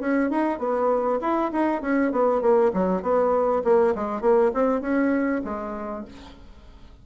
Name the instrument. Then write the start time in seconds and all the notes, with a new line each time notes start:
bassoon
0.00 C#4
0.31 D#4
0.59 B3
1.21 E4
1.53 D#4
1.82 C#4
2.12 B3
2.41 A#3
2.74 F#3
3.02 B3
3.64 A#3
3.95 G#3
4.21 A#3
4.54 C4
4.81 C#4
5.44 G#3